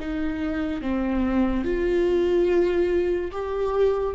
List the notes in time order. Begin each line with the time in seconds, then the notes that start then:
0.00 D#4
0.82 C4
1.65 F4
3.32 G4